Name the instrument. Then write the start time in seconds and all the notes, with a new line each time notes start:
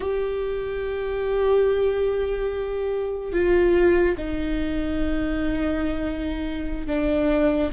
viola
0.00 G4
3.32 F4
4.17 D#4
6.86 D4